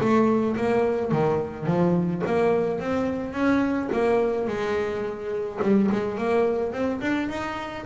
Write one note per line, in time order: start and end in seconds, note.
0.00 0.56 A3
0.56 1.11 A#3
1.11 1.66 D#3
1.66 2.22 F3
2.26 2.80 A#3
2.80 3.33 C4
3.33 3.89 C#4
3.92 4.47 A#3
4.47 5.59 G#3
5.62 5.90 G3
5.92 6.18 G#3
6.18 6.72 A#3
6.72 7.00 C4
7.01 7.29 D4
7.29 7.85 D#4